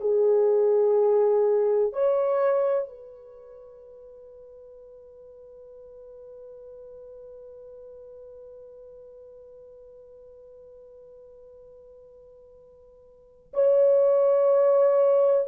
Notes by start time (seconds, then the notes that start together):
0.00 G#4
1.92 C#5
2.88 B4
13.53 C#5